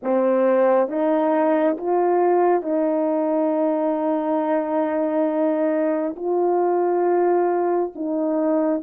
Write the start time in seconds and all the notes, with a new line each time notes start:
0.02 C4
0.88 D#4
1.77 F4
2.62 D#4
6.16 F4
7.95 D#4